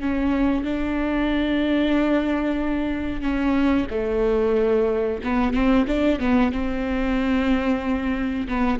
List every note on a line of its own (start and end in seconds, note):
0.00 0.64 C#4
0.64 3.21 D4
3.21 3.86 C#4
3.90 5.20 A3
5.24 5.53 B3
5.53 5.85 C4
5.87 6.19 D4
6.19 6.52 B3
6.52 8.47 C4
8.48 8.79 B3